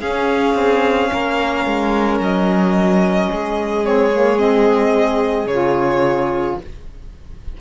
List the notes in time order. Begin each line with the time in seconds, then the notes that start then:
0.00 C#4 G#4 F5
0.55 C4
1.13 A#3 A#4
1.66 G#3
2.20 F#3 D#5
3.30 G#3 G#4
3.84 C4 C#5
4.12 A#3
4.39 C4 D#5
5.46 C#3 F4 C#5